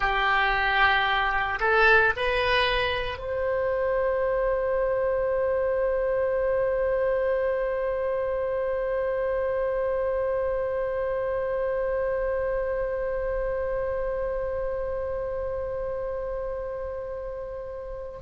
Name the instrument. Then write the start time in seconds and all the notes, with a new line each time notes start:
oboe
0.00 G4
1.60 A4
2.16 B4
3.18 C5